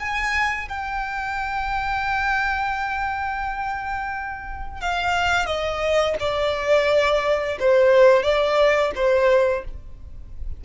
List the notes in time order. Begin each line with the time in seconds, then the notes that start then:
0.00 G#5
0.69 G5
4.81 F5
5.46 D#5
6.20 D5
7.60 C5
8.23 D5
8.96 C5